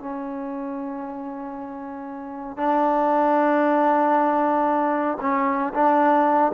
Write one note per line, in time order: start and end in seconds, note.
0.00 2.57 C#4
2.57 5.18 D4
5.21 5.73 C#4
5.74 6.52 D4